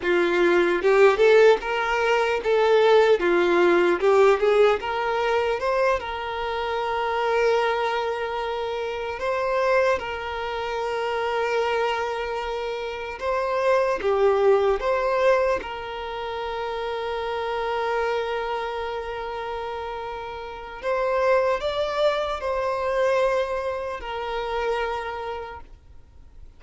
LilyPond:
\new Staff \with { instrumentName = "violin" } { \time 4/4 \tempo 4 = 75 f'4 g'8 a'8 ais'4 a'4 | f'4 g'8 gis'8 ais'4 c''8 ais'8~ | ais'2.~ ais'8 c''8~ | c''8 ais'2.~ ais'8~ |
ais'8 c''4 g'4 c''4 ais'8~ | ais'1~ | ais'2 c''4 d''4 | c''2 ais'2 | }